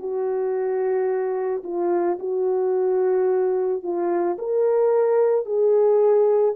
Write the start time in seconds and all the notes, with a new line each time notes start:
0.00 F#4
1.64 F4
2.20 F#4
3.83 F4
4.39 A#4
5.46 G#4